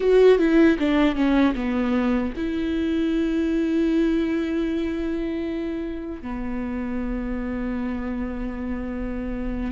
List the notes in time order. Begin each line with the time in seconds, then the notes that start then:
0.00 F#4
0.38 E4
0.79 D4
1.15 C#4
1.55 B3
2.36 E4
6.22 B3